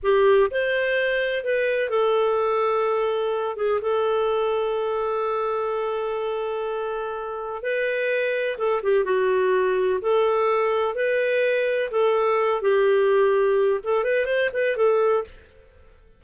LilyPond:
\new Staff \with { instrumentName = "clarinet" } { \time 4/4 \tempo 4 = 126 g'4 c''2 b'4 | a'2.~ a'8 gis'8 | a'1~ | a'1 |
b'2 a'8 g'8 fis'4~ | fis'4 a'2 b'4~ | b'4 a'4. g'4.~ | g'4 a'8 b'8 c''8 b'8 a'4 | }